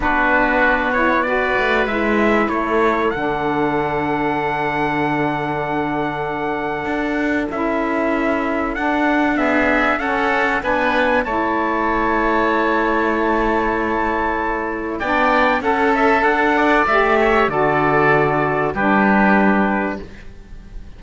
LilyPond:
<<
  \new Staff \with { instrumentName = "trumpet" } { \time 4/4 \tempo 4 = 96 b'4. cis''8 d''4 e''4 | cis''4 fis''2.~ | fis''1 | e''2 fis''4 e''4 |
fis''4 gis''4 a''2~ | a''1 | g''4 fis''8 e''8 fis''4 e''4 | d''2 b'2 | }
  \new Staff \with { instrumentName = "oboe" } { \time 4/4 fis'2 b'2 | a'1~ | a'1~ | a'2. gis'4 |
a'4 b'4 cis''2~ | cis''1 | d''4 a'4. d''4 cis''8 | a'2 g'2 | }
  \new Staff \with { instrumentName = "saxophone" } { \time 4/4 d'4. e'8 fis'4 e'4~ | e'4 d'2.~ | d'1 | e'2 d'4 b4 |
cis'4 d'4 e'2~ | e'1 | d'4 a'2 g'4 | fis'2 d'2 | }
  \new Staff \with { instrumentName = "cello" } { \time 4/4 b2~ b8 a8 gis4 | a4 d2.~ | d2. d'4 | cis'2 d'2 |
cis'4 b4 a2~ | a1 | b4 cis'4 d'4 a4 | d2 g2 | }
>>